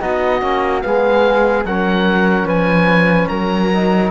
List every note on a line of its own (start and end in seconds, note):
0.00 0.41 B3
0.00 0.41 D#4
0.00 0.82 F#4
0.00 0.81 D#5
0.41 0.83 A#3
0.41 0.82 C#4
0.81 1.64 G#3
0.81 1.64 B3
0.81 1.67 G#4
0.81 1.63 F5
1.64 2.44 F#3
1.64 3.73 C#4
1.64 2.46 A#4
1.64 2.48 F#5
2.44 3.26 F3
2.44 3.28 B4
2.44 3.28 G#5
3.28 4.11 F#3
3.28 4.11 A#4
3.28 4.10 A#5
3.73 4.11 D#4